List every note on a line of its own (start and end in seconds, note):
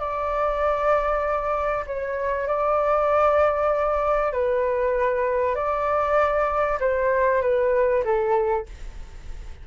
0.00 1.86 D5
1.87 2.48 C#5
2.48 4.33 D5
4.33 5.56 B4
5.56 6.79 D5
6.81 7.42 C5
7.42 8.04 B4
8.05 8.67 A4